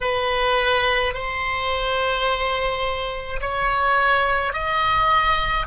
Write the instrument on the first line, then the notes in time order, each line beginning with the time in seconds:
oboe
0.01 B4
1.14 C5
3.40 C#5
4.53 D#5